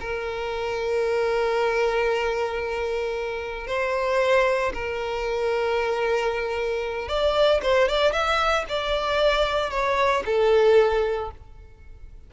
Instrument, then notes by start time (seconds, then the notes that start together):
violin
0.00 A#4
3.67 C5
4.74 A#4
7.08 D5
7.62 C5
7.89 D5
8.12 E5
8.69 D5
9.71 C#5
10.25 A4